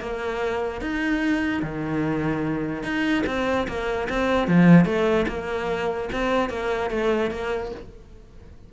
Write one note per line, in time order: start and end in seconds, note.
0.00 0.81 A#3
0.81 1.62 D#4
1.63 2.83 D#3
2.83 3.24 D#4
3.27 3.67 C4
3.68 4.08 A#3
4.09 4.48 C4
4.48 4.85 F3
4.85 5.26 A3
5.28 6.09 A#3
6.12 6.50 C4
6.50 6.90 A#3
6.90 7.31 A3
7.31 7.71 A#3